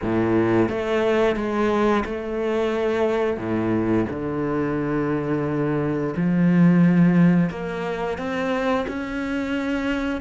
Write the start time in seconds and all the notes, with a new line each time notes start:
0.02 A2
0.68 A3
1.35 G#3
2.05 A3
3.37 A2
4.09 D3
6.16 F3
7.49 A#3
8.18 C4
8.88 C#4